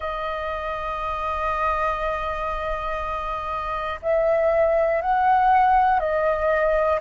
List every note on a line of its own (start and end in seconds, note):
0.00 4.00 D#5
4.01 5.01 E5
5.01 6.00 F#5
6.00 7.00 D#5